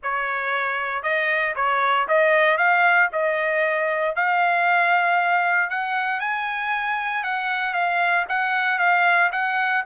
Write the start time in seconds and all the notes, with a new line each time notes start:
0.02 C#5
1.02 D#5
1.55 C#5
2.08 D#5
2.57 F5
3.12 D#5
4.15 F5
5.69 F#5
6.20 G#5
7.23 F#5
7.73 F5
8.29 F#5
8.78 F5
9.32 F#5